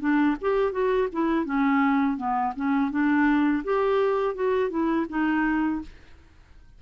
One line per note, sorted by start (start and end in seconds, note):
0.00 0.36 D4
0.41 0.72 G4
0.72 1.08 F#4
1.12 1.45 E4
1.45 2.17 C#4
2.17 2.53 B3
2.56 2.91 C#4
2.91 3.63 D4
3.64 4.35 G4
4.35 4.70 F#4
4.70 5.06 E4
5.09 5.81 D#4